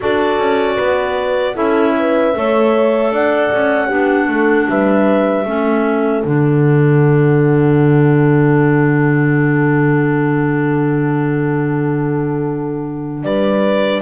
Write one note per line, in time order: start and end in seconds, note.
0.00 0.38 D4
0.00 1.55 F#4
0.00 0.76 A4
0.00 1.56 D5
0.38 0.77 C#4
0.76 1.56 B3
0.76 1.54 B4
1.55 2.34 C#4
1.55 2.32 E4
1.55 1.94 A4
1.55 3.12 E5
1.98 2.36 B4
2.34 3.11 A3
2.34 3.89 A4
2.34 3.14 C#5
3.11 3.50 D4
3.11 3.87 D5
3.11 4.69 F#5
3.52 3.90 C#4
3.87 4.27 B3
3.87 5.45 D4
3.87 4.25 G4
4.27 4.66 A3
4.27 4.69 A4
4.68 5.45 G3
4.68 5.47 B4
4.68 6.23 E5
5.45 6.23 A3
5.45 6.23 C#4
5.45 13.24 A4
6.23 13.22 D3
6.23 14.01 D4
6.23 13.23 F#5
13.22 14.00 G3
13.22 14.01 B4
13.22 14.01 D5